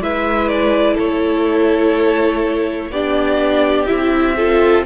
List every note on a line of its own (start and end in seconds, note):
0.00 0.97 G#3
0.00 2.92 E4
0.00 0.94 B4
0.00 0.48 E5
0.48 0.96 D5
0.94 2.90 A3
0.94 2.88 A4
0.94 2.91 C#5
2.90 3.87 B3
2.90 3.87 D4
2.90 4.36 G4
2.90 3.86 D5
3.86 4.86 C4
3.86 4.35 E4
3.86 4.83 E5
4.36 4.86 F4
4.36 4.85 A4